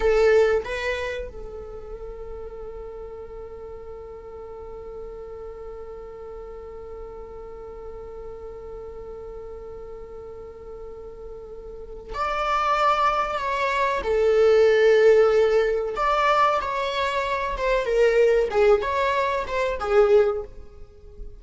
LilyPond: \new Staff \with { instrumentName = "viola" } { \time 4/4 \tempo 4 = 94 a'4 b'4 a'2~ | a'1~ | a'1~ | a'1~ |
a'2. d''4~ | d''4 cis''4 a'2~ | a'4 d''4 cis''4. c''8 | ais'4 gis'8 cis''4 c''8 gis'4 | }